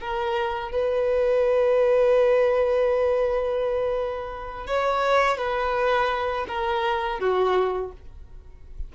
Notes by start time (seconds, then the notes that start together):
0.00 A#4
0.71 B4
4.67 C#5
5.37 B4
6.48 A#4
7.19 F#4